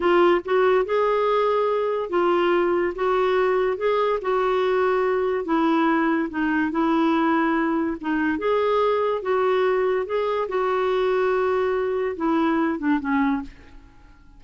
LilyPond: \new Staff \with { instrumentName = "clarinet" } { \time 4/4 \tempo 4 = 143 f'4 fis'4 gis'2~ | gis'4 f'2 fis'4~ | fis'4 gis'4 fis'2~ | fis'4 e'2 dis'4 |
e'2. dis'4 | gis'2 fis'2 | gis'4 fis'2.~ | fis'4 e'4. d'8 cis'4 | }